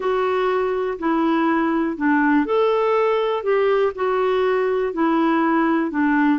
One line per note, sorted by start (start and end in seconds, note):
0.00 0.98 F#4
0.98 1.97 E4
1.97 2.45 D4
2.45 3.43 A4
3.43 3.92 G4
3.95 4.93 F#4
4.93 5.91 E4
5.91 6.39 D4